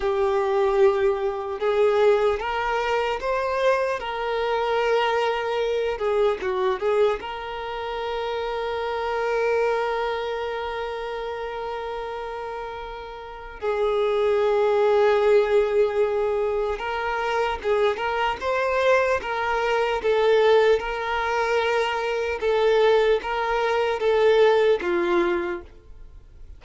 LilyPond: \new Staff \with { instrumentName = "violin" } { \time 4/4 \tempo 4 = 75 g'2 gis'4 ais'4 | c''4 ais'2~ ais'8 gis'8 | fis'8 gis'8 ais'2.~ | ais'1~ |
ais'4 gis'2.~ | gis'4 ais'4 gis'8 ais'8 c''4 | ais'4 a'4 ais'2 | a'4 ais'4 a'4 f'4 | }